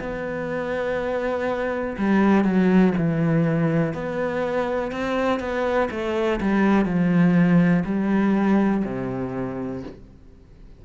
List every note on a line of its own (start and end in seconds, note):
0.00 1.97 B3
1.98 2.45 G3
2.45 2.94 F#3
2.98 3.94 E3
3.94 4.92 B3
4.92 5.40 C4
5.40 5.89 B3
5.91 6.40 A3
6.41 6.85 G3
6.85 7.84 F3
7.85 8.83 G3
8.85 9.83 C3